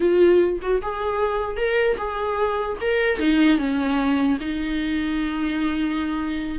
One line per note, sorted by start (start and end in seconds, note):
0.00 0.59 F4
0.61 0.81 F#4
0.81 1.56 G#4
1.56 1.96 A#4
1.97 2.77 G#4
2.81 3.19 A#4
3.19 3.58 D#4
3.58 4.38 C#4
4.40 6.58 D#4